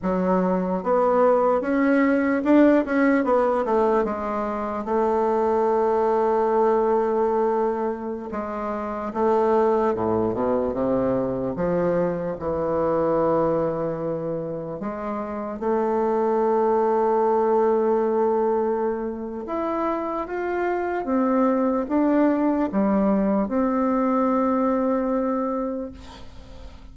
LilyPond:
\new Staff \with { instrumentName = "bassoon" } { \time 4/4 \tempo 4 = 74 fis4 b4 cis'4 d'8 cis'8 | b8 a8 gis4 a2~ | a2~ a16 gis4 a8.~ | a16 a,8 b,8 c4 f4 e8.~ |
e2~ e16 gis4 a8.~ | a1 | e'4 f'4 c'4 d'4 | g4 c'2. | }